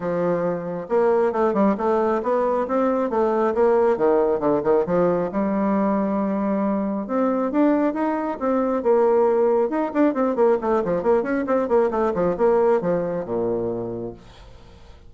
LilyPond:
\new Staff \with { instrumentName = "bassoon" } { \time 4/4 \tempo 4 = 136 f2 ais4 a8 g8 | a4 b4 c'4 a4 | ais4 dis4 d8 dis8 f4 | g1 |
c'4 d'4 dis'4 c'4 | ais2 dis'8 d'8 c'8 ais8 | a8 f8 ais8 cis'8 c'8 ais8 a8 f8 | ais4 f4 ais,2 | }